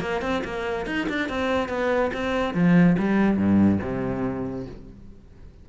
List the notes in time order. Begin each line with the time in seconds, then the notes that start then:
0.00 A#3
0.21 C4
0.44 A#3
0.86 D#4
1.09 D4
1.29 C4
1.68 B3
2.13 C4
2.54 F3
2.98 G3
3.36 G2
3.82 C3